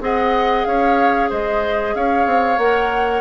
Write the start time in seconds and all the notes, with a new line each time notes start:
0.00 C4 G#4 D#5 F#5
0.65 C#4 C#5 F5
1.29 G#3 C5 D#5
1.95 C#4 C#5 F5
2.26 C4
2.58 A#3 A#4 F#5